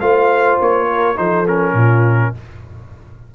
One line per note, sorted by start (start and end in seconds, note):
0.00 0.58 A3
0.00 1.16 F4
0.00 0.88 C5
0.00 0.58 F5
0.61 1.19 A#3
0.61 1.17 C#5
0.88 1.17 A#4
1.16 1.73 F3
1.16 1.45 D#4
1.16 1.74 A4
1.16 1.46 C5
1.47 2.35 C#4
1.47 2.35 A#4
1.73 2.31 A#2
1.73 2.32 F4